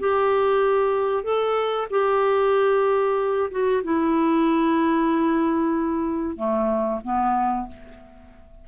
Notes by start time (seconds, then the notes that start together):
0.00 G4
1.24 A4
1.91 G4
3.51 F#4
3.84 E4
6.36 A3
7.04 B3